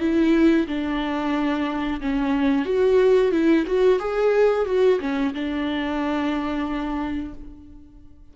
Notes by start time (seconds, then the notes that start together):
0.00 E4
0.67 D4
2.01 C#4
2.65 F#4
3.32 E4
3.66 F#4
3.99 G#4
4.65 F#4
5.00 C#4
5.34 D4